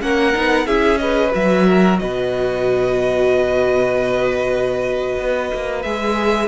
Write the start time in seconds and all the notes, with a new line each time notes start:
0.00 A#3 C#4 A#4 F#5
0.33 B3 D#4
0.66 C#4 E4 G#4 E5
0.97 G#4 B4 D#5
1.31 F#3 F#4 E5
1.67 A#4
1.99 B2 B4 D#5
5.18 B3
5.54 A#3
5.82 G#3 G#4 E5